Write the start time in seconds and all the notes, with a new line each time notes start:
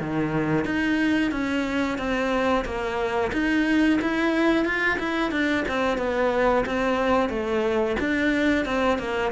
0.00 D#3
0.65 D#4
1.31 C#4
1.98 C4
2.65 A#3
3.32 D#4
4.01 E4
4.65 F4
4.98 E4
5.31 D4
5.68 C4
5.98 B3
6.65 C4
7.29 A3
7.99 D4
8.65 C4
8.98 A#3